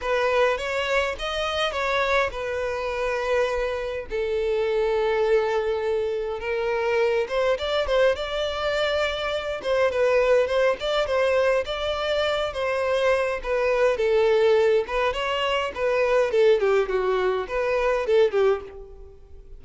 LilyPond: \new Staff \with { instrumentName = "violin" } { \time 4/4 \tempo 4 = 103 b'4 cis''4 dis''4 cis''4 | b'2. a'4~ | a'2. ais'4~ | ais'8 c''8 d''8 c''8 d''2~ |
d''8 c''8 b'4 c''8 d''8 c''4 | d''4. c''4. b'4 | a'4. b'8 cis''4 b'4 | a'8 g'8 fis'4 b'4 a'8 g'8 | }